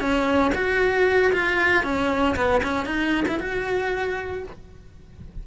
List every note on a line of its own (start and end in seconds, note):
0.00 0.51 C#4
0.55 1.32 F#4
1.33 1.84 F4
1.84 2.35 C#4
2.36 2.61 B3
2.63 2.86 C#4
2.86 3.24 D#4
3.28 3.40 E4
3.40 4.43 F#4